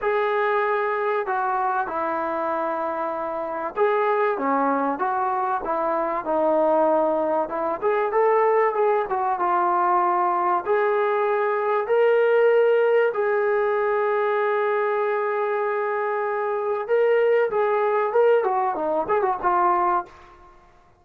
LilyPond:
\new Staff \with { instrumentName = "trombone" } { \time 4/4 \tempo 4 = 96 gis'2 fis'4 e'4~ | e'2 gis'4 cis'4 | fis'4 e'4 dis'2 | e'8 gis'8 a'4 gis'8 fis'8 f'4~ |
f'4 gis'2 ais'4~ | ais'4 gis'2.~ | gis'2. ais'4 | gis'4 ais'8 fis'8 dis'8 gis'16 fis'16 f'4 | }